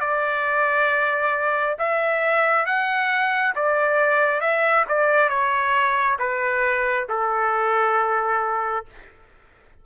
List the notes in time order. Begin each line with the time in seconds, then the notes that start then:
0.00 D5
1.78 E5
2.66 F#5
3.55 D5
4.40 E5
4.88 D5
5.29 C#5
6.19 B4
7.09 A4